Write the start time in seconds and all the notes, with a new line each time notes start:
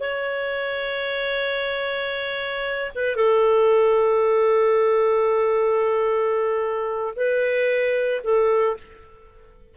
0.00 C#5
2.95 B4
3.16 A4
7.15 B4
8.23 A4